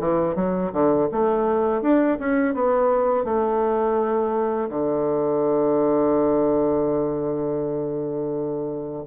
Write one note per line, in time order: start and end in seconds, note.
0.00 0.35 E3
0.35 0.72 F#3
0.73 1.09 D3
1.12 1.82 A3
1.82 2.18 D4
2.20 2.54 C#4
2.54 3.25 B3
3.25 4.69 A3
4.70 9.04 D3